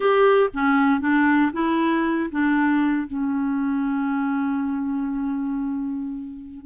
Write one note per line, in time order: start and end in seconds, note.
0.00 0.49 G4
0.53 1.00 C#4
1.00 1.51 D4
1.52 2.29 E4
2.31 3.07 D4
3.07 6.65 C#4